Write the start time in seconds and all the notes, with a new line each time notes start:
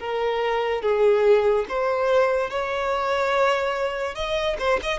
0.00 A#4
0.82 G#4
1.69 C5
2.50 C#5
4.15 D#5
4.59 C5
4.83 D#5